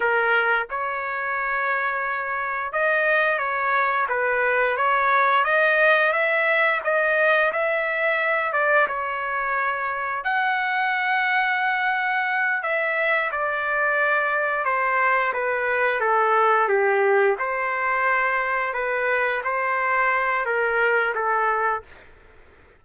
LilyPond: \new Staff \with { instrumentName = "trumpet" } { \time 4/4 \tempo 4 = 88 ais'4 cis''2. | dis''4 cis''4 b'4 cis''4 | dis''4 e''4 dis''4 e''4~ | e''8 d''8 cis''2 fis''4~ |
fis''2~ fis''8 e''4 d''8~ | d''4. c''4 b'4 a'8~ | a'8 g'4 c''2 b'8~ | b'8 c''4. ais'4 a'4 | }